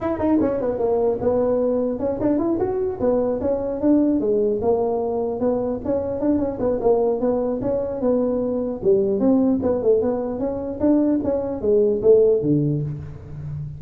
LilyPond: \new Staff \with { instrumentName = "tuba" } { \time 4/4 \tempo 4 = 150 e'8 dis'8 cis'8 b8 ais4 b4~ | b4 cis'8 d'8 e'8 fis'4 b8~ | b8 cis'4 d'4 gis4 ais8~ | ais4. b4 cis'4 d'8 |
cis'8 b8 ais4 b4 cis'4 | b2 g4 c'4 | b8 a8 b4 cis'4 d'4 | cis'4 gis4 a4 d4 | }